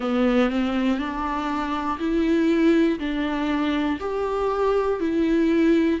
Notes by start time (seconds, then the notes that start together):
0.00 B3
0.50 C4
0.98 D4
1.98 E4
2.99 D4
4.00 G4
5.00 E4